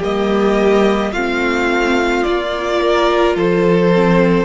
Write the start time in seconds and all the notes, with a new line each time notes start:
0.00 G3 A#3 G4 D#5
1.13 A3 C4 F4 F5
2.23 A#3 F4 D5
2.81 A#4
3.36 F3 A4 C5
3.94 C4